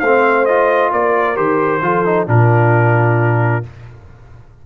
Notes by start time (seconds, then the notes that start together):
0.00 A3 C4 C5 F5
0.46 F4 D#5
0.92 A#3 A#4 D5
1.36 D#3 G4 C5
1.82 F3 F4 A4
2.06 D#4
2.27 A#2 D4 F4 A#4